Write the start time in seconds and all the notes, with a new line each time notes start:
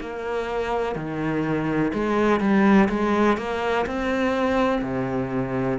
0.00 A#3
0.95 D#3
1.93 G#3
2.40 G3
2.89 G#3
3.37 A#3
3.86 C4
4.82 C3